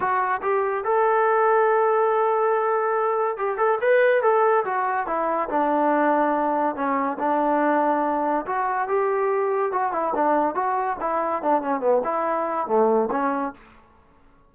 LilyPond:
\new Staff \with { instrumentName = "trombone" } { \time 4/4 \tempo 4 = 142 fis'4 g'4 a'2~ | a'1 | g'8 a'8 b'4 a'4 fis'4 | e'4 d'2. |
cis'4 d'2. | fis'4 g'2 fis'8 e'8 | d'4 fis'4 e'4 d'8 cis'8 | b8 e'4. a4 cis'4 | }